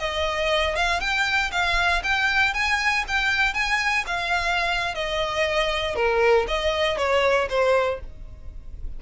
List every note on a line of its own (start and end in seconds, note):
0.00 0.76 D#5
0.76 1.01 F5
1.01 1.51 G5
1.52 2.02 F5
2.04 2.54 G5
2.54 3.05 G#5
3.08 3.54 G5
3.54 4.05 G#5
4.07 4.95 F5
4.95 5.96 D#5
5.96 6.46 A#4
6.48 6.98 D#5
6.98 7.49 C#5
7.50 8.00 C5